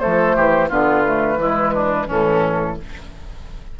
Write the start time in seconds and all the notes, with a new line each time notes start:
0.00 F3 A3 A4 C5
0.36 E3 G4
0.69 D3 B3 F4 B4
1.05 A3
1.37 E3 G#3 E4
1.74 D4
2.07 A2 E3 C#4 A4